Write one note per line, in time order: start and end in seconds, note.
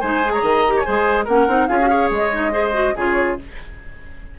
0.00 0.41 G#3
0.00 0.23 D#4
0.00 0.31 C5
0.00 0.32 G#5
0.24 0.66 G#4
0.32 0.41 C#5
0.32 0.80 A#5
0.41 0.83 D#3
0.41 0.72 D#5
0.67 0.85 G4
0.76 0.85 C#5
0.76 1.22 G#5
0.85 1.27 G#3
0.85 1.27 G#4
0.85 1.24 C5
1.24 1.47 A#3
1.24 1.48 C#4
1.24 1.66 A#4
1.24 1.67 F#5
1.47 1.68 C4
1.47 1.68 D#4
1.67 2.10 C#4
1.67 1.79 F4
1.67 1.89 G#4
1.67 2.09 F5
1.80 1.88 F#4
1.88 2.30 G#4
1.88 2.52 C#5
2.10 2.94 G#3
2.10 2.97 D#5
2.31 2.51 D#4
2.51 2.72 G#4
2.51 2.94 C5
2.72 2.93 F#4
2.95 3.38 C#3
2.95 3.38 F4
2.95 3.37 G#4
2.95 3.39 C#5